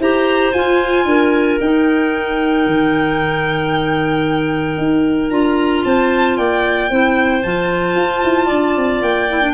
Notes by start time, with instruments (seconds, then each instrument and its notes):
0.00 tuba E4, clarinet G4 C5, violin A#5
0.53 tuba F4, clarinet F4, violin G#5
1.05 tuba D4, clarinet A#4
1.61 tuba D#4, clarinet D#4, violin G5
2.67 tuba D#3
4.78 tuba D#4
5.30 tuba D4, clarinet F4, violin A#5
5.85 tuba C4, clarinet C5, violin A5
6.37 tuba A#3, clarinet D5, violin G5
6.90 tuba C4, clarinet E4 C5
7.42 tuba F3, clarinet F4, violin A5
7.96 tuba F4
8.24 tuba E4
8.46 tuba D4, clarinet D5
8.76 tuba C4
9.02 tuba A#3, violin G5
9.29 clarinet E4
9.42 clarinet D4